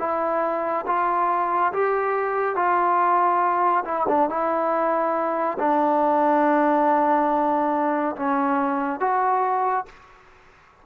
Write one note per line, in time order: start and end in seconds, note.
0.00 0.86 E4
0.87 1.73 F4
1.73 2.56 G4
2.56 3.85 F4
3.85 4.07 E4
4.09 4.30 D4
4.30 5.58 E4
5.59 8.16 D4
8.17 9.00 C#4
9.00 9.86 F#4